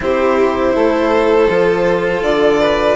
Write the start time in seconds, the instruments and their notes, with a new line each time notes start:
0.00 bassoon C4, cello E4, violin G4 C5
0.75 bassoon A3, violin A4
1.49 bassoon F3, cello F4
2.21 bassoon D3, violin D5
2.59 violin B4